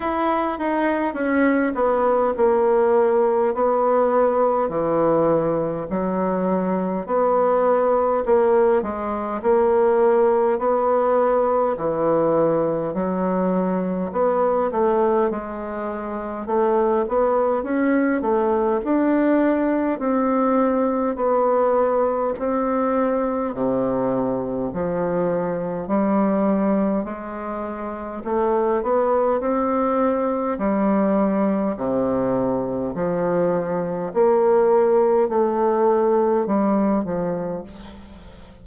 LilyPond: \new Staff \with { instrumentName = "bassoon" } { \time 4/4 \tempo 4 = 51 e'8 dis'8 cis'8 b8 ais4 b4 | e4 fis4 b4 ais8 gis8 | ais4 b4 e4 fis4 | b8 a8 gis4 a8 b8 cis'8 a8 |
d'4 c'4 b4 c'4 | c4 f4 g4 gis4 | a8 b8 c'4 g4 c4 | f4 ais4 a4 g8 f8 | }